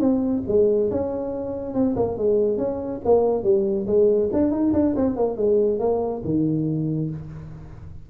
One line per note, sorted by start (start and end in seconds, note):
0.00 0.43 C4
0.48 0.91 G#3
0.91 1.74 C#4
1.74 1.96 C4
1.96 2.18 A#3
2.18 2.58 G#3
2.58 3.01 C#4
3.05 3.44 A#3
3.44 3.87 G3
3.87 4.30 G#3
4.33 4.51 D4
4.51 4.73 D#4
4.74 4.95 D4
4.96 5.16 C4
5.16 5.37 A#3
5.37 5.79 G#3
5.79 6.22 A#3
6.25 7.10 D#3